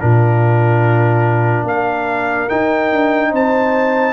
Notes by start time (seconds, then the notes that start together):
0.00 A#2 D4 F4 A#4
1.64 A#3 A#4 F5
2.49 D#4 G5
2.92 D4
3.30 C4 C5 A5